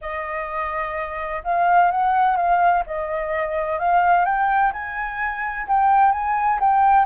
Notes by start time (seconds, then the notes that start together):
0.01 D#5
1.43 F5
1.91 F#5
2.36 F5
2.86 D#5
3.79 F5
4.25 G5
4.72 G#5
5.67 G5
6.12 G#5
6.59 G5